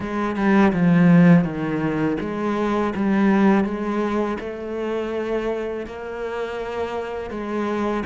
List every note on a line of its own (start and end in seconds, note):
0.00 0.36 G#3
0.36 0.72 G3
0.72 1.44 F3
1.44 2.17 D#3
2.20 2.93 G#3
2.95 3.64 G3
3.64 4.37 G#3
4.40 5.86 A3
5.86 7.30 A#3
7.30 8.03 G#3